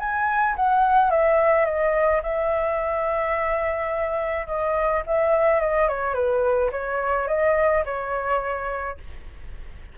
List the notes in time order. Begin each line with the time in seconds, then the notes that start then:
0.00 G#5
0.56 F#5
1.11 E5
1.66 D#5
2.23 E5
4.47 D#5
5.07 E5
5.61 D#5
5.88 C#5
6.15 B4
6.72 C#5
7.28 D#5
7.86 C#5